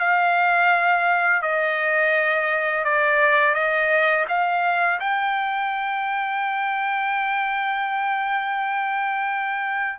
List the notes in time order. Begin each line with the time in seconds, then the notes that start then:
0.00 F5
1.42 D#5
2.85 D5
3.55 D#5
4.29 F5
5.01 G5